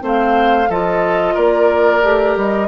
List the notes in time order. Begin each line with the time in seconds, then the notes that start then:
0.00 A3 C4 C5 F5
0.69 F3 F4 A4 D#5
1.34 A#3 A#4 D5
2.02 A3 G4
2.36 G3 D#5